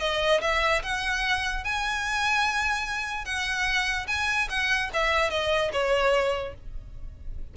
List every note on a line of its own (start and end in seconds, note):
0.00 0.41 D#5
0.42 0.82 E5
0.83 1.64 F#5
1.64 3.25 G#5
3.25 4.07 F#5
4.08 4.48 G#5
4.50 4.91 F#5
4.94 5.30 E5
5.30 5.71 D#5
5.73 6.55 C#5